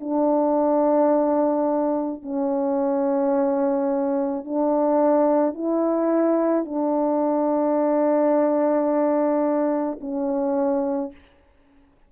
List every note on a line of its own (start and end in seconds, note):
0.00 2.22 D4
2.22 4.44 C#4
4.44 5.55 D4
5.55 6.65 E4
6.65 9.98 D4
10.01 11.12 C#4